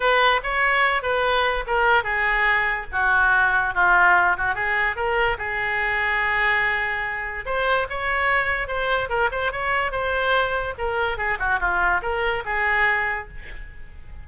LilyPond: \new Staff \with { instrumentName = "oboe" } { \time 4/4 \tempo 4 = 145 b'4 cis''4. b'4. | ais'4 gis'2 fis'4~ | fis'4 f'4. fis'8 gis'4 | ais'4 gis'2.~ |
gis'2 c''4 cis''4~ | cis''4 c''4 ais'8 c''8 cis''4 | c''2 ais'4 gis'8 fis'8 | f'4 ais'4 gis'2 | }